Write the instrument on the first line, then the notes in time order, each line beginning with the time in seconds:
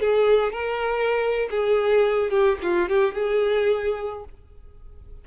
violin
0.00 G#4
0.52 A#4
1.50 G#4
2.30 G4
2.62 F4
2.88 G4
3.14 G#4